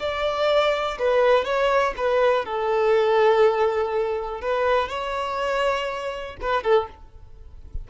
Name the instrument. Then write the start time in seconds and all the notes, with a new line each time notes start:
violin
0.00 D5
0.99 B4
1.45 C#5
1.97 B4
2.45 A4
4.42 B4
4.89 C#5
6.41 B4
6.63 A4